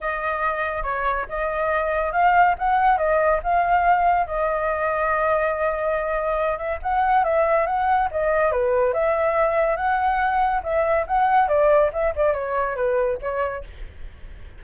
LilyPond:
\new Staff \with { instrumentName = "flute" } { \time 4/4 \tempo 4 = 141 dis''2 cis''4 dis''4~ | dis''4 f''4 fis''4 dis''4 | f''2 dis''2~ | dis''2.~ dis''8 e''8 |
fis''4 e''4 fis''4 dis''4 | b'4 e''2 fis''4~ | fis''4 e''4 fis''4 d''4 | e''8 d''8 cis''4 b'4 cis''4 | }